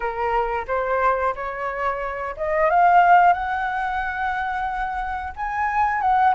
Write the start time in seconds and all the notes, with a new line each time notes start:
0.00 A#4
0.67 C5
1.35 C#5
2.36 D#5
2.70 F5
3.33 F#5
5.35 G#5
6.01 F#5